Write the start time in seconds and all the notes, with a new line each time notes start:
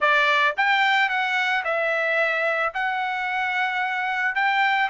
0.00 D5
0.57 G5
1.09 F#5
1.64 E5
2.73 F#5
4.35 G5